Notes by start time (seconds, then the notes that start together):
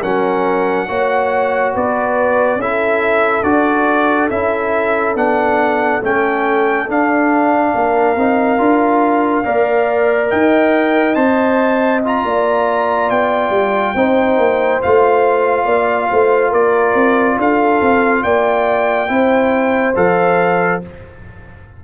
0.00 F#3 C#4 A#4 F#5
0.87 A#3 F#4 C#5
1.74 B3 B4 D5
2.56 C#4 E4 A4 E5
3.43 D4 F#4 D5
4.29 C#4 E4 E5
5.15 B3 D4 F#5
6.02 A3 C#4 G5
6.87 D4 F5
7.74 A#3 A#4
8.16 C4 D#4
8.57 D4 F4
9.44 A#3 A#4 D5
10.30 D#4 D#5 G5
11.14 C4 C5 A5
12.04 F4 A#5
12.24 A#3 D5
13.09 B3 G5
13.50 G3
13.94 C4 D#4 C5
14.37 A#3
14.81 A3 F4 F5
15.64 A#3 D5
16.10 A3 C5
16.49 A#3 A#4 D5
16.94 C4
17.37 D4 A4 F5
17.80 C4
18.23 A#3 D5 G5
19.08 C4 E4 C5
19.95 F3 A4 F5